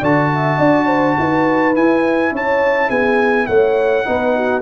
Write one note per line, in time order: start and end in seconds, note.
0.00 0.59 D3
0.00 1.75 F#4
0.00 0.29 D5
0.00 1.76 A5
0.35 0.59 E5
0.59 1.17 D4
0.59 0.87 D5
0.87 1.16 C5
1.19 1.77 D#4
1.19 2.34 B4
1.75 4.05 E4
1.75 2.32 E4
1.75 2.34 G#5
2.32 2.90 C#4
2.32 2.89 C#5
2.32 2.91 A5
2.89 3.48 B3
2.89 3.47 G#4
2.89 3.47 G#5
3.47 4.06 A3
3.47 4.06 C#5
3.47 4.62 F#5
4.05 4.63 B3
4.05 4.63 D#4
4.05 4.36 B4
4.36 4.63 F#4